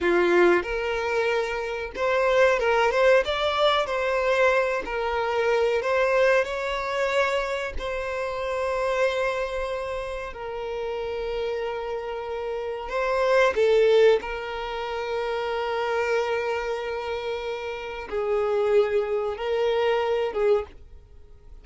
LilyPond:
\new Staff \with { instrumentName = "violin" } { \time 4/4 \tempo 4 = 93 f'4 ais'2 c''4 | ais'8 c''8 d''4 c''4. ais'8~ | ais'4 c''4 cis''2 | c''1 |
ais'1 | c''4 a'4 ais'2~ | ais'1 | gis'2 ais'4. gis'8 | }